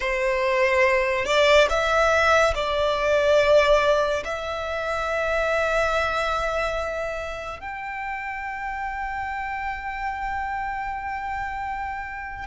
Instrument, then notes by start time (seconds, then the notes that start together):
violin
0.00 C5
1.25 D5
1.69 E5
2.54 D5
4.24 E5
7.59 G5